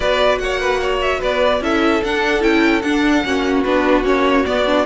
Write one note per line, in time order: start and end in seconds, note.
0.00 0.39 B3
0.00 1.61 F#4
0.00 0.40 B4
0.00 0.38 D5
0.38 1.20 A#3
0.38 0.60 C#5
0.38 0.99 F#5
0.60 0.80 B4
0.81 1.19 C#5
1.01 1.21 E5
1.19 1.60 B3
1.19 1.60 B4
1.19 1.63 D5
1.60 2.01 C#4
1.60 2.02 E4
1.60 3.25 A4
1.60 2.03 E5
2.03 2.42 D4
2.03 2.41 D4
2.03 2.42 F#5
2.41 2.83 C#4
2.41 2.81 E4
2.41 2.81 G5
2.81 3.24 D4
2.81 3.62 F#5
3.24 3.64 A#3
3.24 3.64 C#4
3.24 4.85 F#4
3.63 4.04 B3
3.63 4.04 D4
3.63 4.03 B4
4.04 4.44 A#3
4.04 4.44 C#4
4.04 4.45 C#5
4.45 4.66 B3
4.45 4.85 B3
4.45 4.85 D5
4.66 4.85 D4